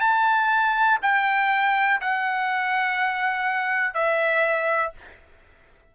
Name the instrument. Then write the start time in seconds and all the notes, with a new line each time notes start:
trumpet
0.00 A5
1.02 G5
2.01 F#5
3.94 E5